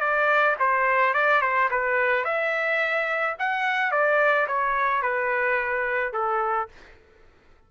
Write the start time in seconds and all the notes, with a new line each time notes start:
0.00 D5
0.59 C5
1.14 D5
1.41 C5
1.70 B4
2.24 E5
3.39 F#5
3.91 D5
4.47 C#5
5.02 B4
6.13 A4